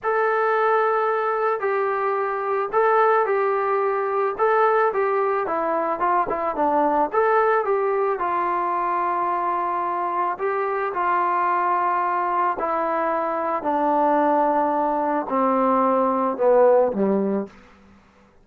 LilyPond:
\new Staff \with { instrumentName = "trombone" } { \time 4/4 \tempo 4 = 110 a'2. g'4~ | g'4 a'4 g'2 | a'4 g'4 e'4 f'8 e'8 | d'4 a'4 g'4 f'4~ |
f'2. g'4 | f'2. e'4~ | e'4 d'2. | c'2 b4 g4 | }